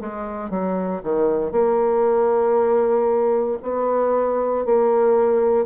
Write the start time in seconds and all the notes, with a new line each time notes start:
0.00 G#3
0.50 F#3
1.03 D#3
1.52 A#3
3.63 B3
4.66 A#3